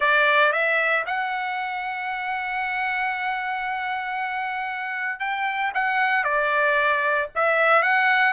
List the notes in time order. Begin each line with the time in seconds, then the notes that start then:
0.00 D5
0.52 E5
1.06 F#5
5.19 G5
5.74 F#5
6.23 D5
7.35 E5
7.82 F#5